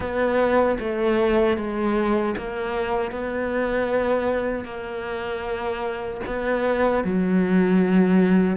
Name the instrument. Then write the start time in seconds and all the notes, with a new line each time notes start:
cello
0.00 B3
0.79 A3
1.57 G#3
2.37 A#3
3.11 B3
4.64 A#3
6.26 B3
7.04 F#3